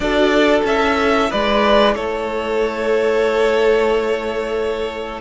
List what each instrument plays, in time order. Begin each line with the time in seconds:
0.00 cello D4, viola F#4, violin A4 D5
0.64 cello C#4, viola E4, violin E5
1.29 cello G#3, violin B4 D5
1.95 cello A3, violin A4 C#5